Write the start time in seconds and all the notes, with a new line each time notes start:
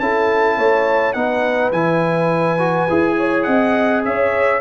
0.00 C#4 E4 A4 A5
0.57 A3 C#5
1.14 B3 D#4 B4 F#5
1.72 E3 E4 G#5
2.59 F#4
2.90 E4 G#4
3.17 C#5
3.44 C4 D#5 F#5
4.05 C#4 C#5 E5